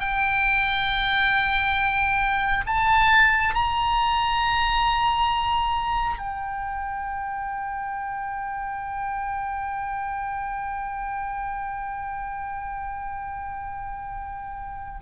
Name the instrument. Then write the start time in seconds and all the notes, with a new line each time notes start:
oboe
0.00 G5
2.66 A5
3.55 A#5
6.18 G5